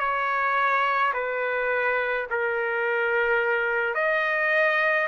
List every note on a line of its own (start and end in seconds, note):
0.00 1.13 C#5
1.14 2.27 B4
2.31 3.95 A#4
3.95 5.08 D#5